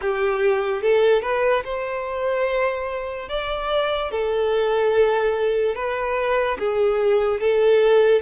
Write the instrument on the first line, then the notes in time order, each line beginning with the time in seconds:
violin
0.01 G4
0.81 A4
1.22 B4
1.64 C5
3.28 D5
4.11 A4
5.75 B4
6.58 G#4
7.40 A4